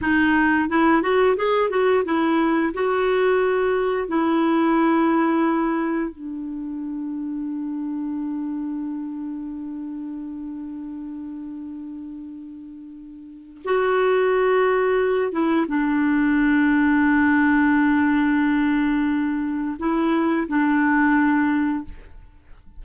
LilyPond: \new Staff \with { instrumentName = "clarinet" } { \time 4/4 \tempo 4 = 88 dis'4 e'8 fis'8 gis'8 fis'8 e'4 | fis'2 e'2~ | e'4 d'2.~ | d'1~ |
d'1 | fis'2~ fis'8 e'8 d'4~ | d'1~ | d'4 e'4 d'2 | }